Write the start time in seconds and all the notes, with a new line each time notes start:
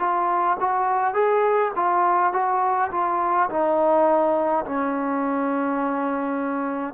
0.00 F4
0.60 F#4
1.14 G#4
1.76 F4
2.33 F#4
2.92 F4
3.50 D#4
4.65 C#4